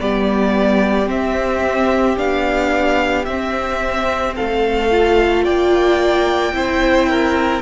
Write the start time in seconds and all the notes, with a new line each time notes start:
0.00 G3 B3 G4 D5
1.07 C4 E5
2.17 B3 D4 F5
3.25 C4 E5
4.36 A3 A4 F5
4.92 F4
5.44 A#3 D5 G5
6.53 C4 E4 C5
7.10 A#4